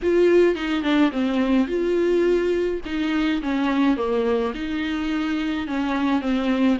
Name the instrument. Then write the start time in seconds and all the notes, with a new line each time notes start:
viola
0.02 F4
0.55 D#4
0.82 D4
1.11 C4
1.67 F4
2.85 D#4
3.41 C#4
3.96 A#3
4.54 D#4
5.67 C#4
6.21 C4